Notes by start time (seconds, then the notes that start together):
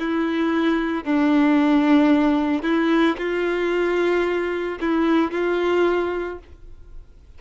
0.00 E4
1.05 D4
2.63 E4
3.18 F4
4.81 E4
5.32 F4